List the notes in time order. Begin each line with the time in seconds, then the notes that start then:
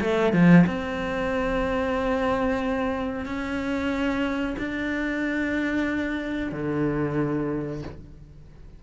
0.00 A3
0.33 F3
0.66 C4
3.25 C#4
4.58 D4
6.52 D3